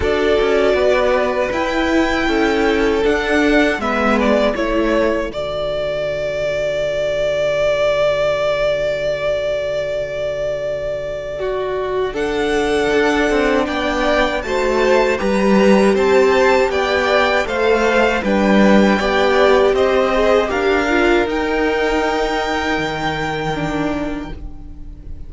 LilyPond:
<<
  \new Staff \with { instrumentName = "violin" } { \time 4/4 \tempo 4 = 79 d''2 g''2 | fis''4 e''8 d''8 cis''4 d''4~ | d''1~ | d''1 |
fis''2 g''4 a''4 | ais''4 a''4 g''4 f''4 | g''2 dis''4 f''4 | g''1 | }
  \new Staff \with { instrumentName = "violin" } { \time 4/4 a'4 b'2 a'4~ | a'4 b'4 a'2~ | a'1~ | a'2. fis'4 |
a'2 d''4 c''4 | b'4 c''4 d''4 c''4 | b'4 d''4 c''4 ais'4~ | ais'1 | }
  \new Staff \with { instrumentName = "viola" } { \time 4/4 fis'2 e'2 | d'4 b4 e'4 fis'4~ | fis'1~ | fis'1 |
d'2. fis'4 | g'2. a'4 | d'4 g'4. gis'8 g'8 f'8 | dis'2. d'4 | }
  \new Staff \with { instrumentName = "cello" } { \time 4/4 d'8 cis'8 b4 e'4 cis'4 | d'4 gis4 a4 d4~ | d1~ | d1~ |
d4 d'8 c'8 b4 a4 | g4 c'4 b4 a4 | g4 b4 c'4 d'4 | dis'2 dis2 | }
>>